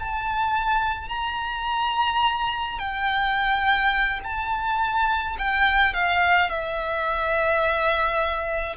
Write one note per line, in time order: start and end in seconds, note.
0.00 1.09 A5
1.09 2.79 A#5
2.79 4.20 G5
4.24 5.37 A5
5.39 5.94 G5
5.94 6.50 F5
6.50 8.76 E5